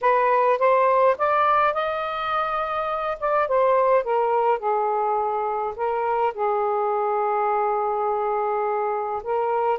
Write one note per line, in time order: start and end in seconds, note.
0.01 0.58 B4
0.58 1.16 C5
1.18 1.73 D5
1.73 3.17 D#5
3.20 3.47 D5
3.47 4.03 C5
4.03 4.58 A#4
4.58 5.74 G#4
5.75 6.33 A#4
6.34 9.22 G#4
9.23 9.78 A#4